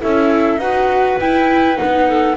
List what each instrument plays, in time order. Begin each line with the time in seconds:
0.00 double bass C#4, viola E4, clarinet A4, flute E5
0.56 double bass D#4, viola F#4, clarinet B4, flute F#5
1.19 double bass E4, viola E4, flute G5
1.76 viola D#4, flute F#5
1.82 double bass B3
2.07 clarinet A4